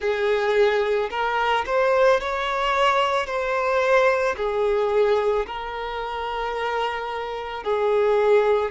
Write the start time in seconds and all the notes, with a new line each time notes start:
0.00 G#4
1.10 A#4
1.66 C5
2.20 C#5
3.26 C5
4.36 G#4
5.46 A#4
7.63 G#4